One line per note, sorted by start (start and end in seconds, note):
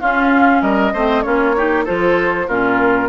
0.00 0.93 C#4
0.00 0.62 C#4
0.00 0.62 F4
0.00 0.62 F5
0.62 0.93 G3
0.62 0.93 A#4
0.62 1.22 D#5
0.93 1.24 A3
0.93 1.24 C4
0.93 1.24 C5
1.22 1.87 A#3
1.22 1.55 C#4
1.22 1.55 F4
1.22 1.84 C#5
1.56 1.85 D#4
1.56 1.84 G4
1.84 2.47 F3
1.84 2.47 F4
1.84 2.46 A4
1.84 2.48 C5
2.47 3.09 A#2
2.47 3.09 C#4
2.47 3.09 F4
2.47 3.09 A#4